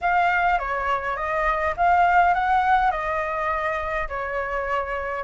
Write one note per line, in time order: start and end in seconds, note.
0.01 0.59 F5
0.59 1.16 C#5
1.16 1.74 D#5
1.76 2.34 F5
2.34 2.91 F#5
2.91 4.08 D#5
4.08 5.23 C#5